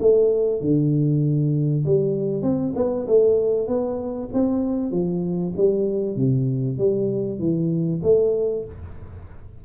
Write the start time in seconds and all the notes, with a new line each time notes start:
0.00 A3
0.61 D3
1.85 G3
2.42 C4
2.76 B3
3.07 A3
3.67 B3
4.33 C4
4.91 F3
5.57 G3
6.16 C3
6.78 G3
7.39 E3
8.03 A3